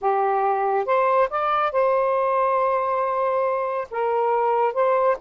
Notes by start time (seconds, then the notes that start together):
0.01 G4
0.85 C5
1.29 D5
1.72 C5
3.90 A#4
4.73 C5